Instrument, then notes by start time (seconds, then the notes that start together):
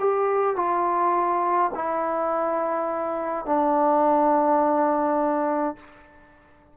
trombone
0.00 G4
0.56 F4
1.75 E4
3.46 D4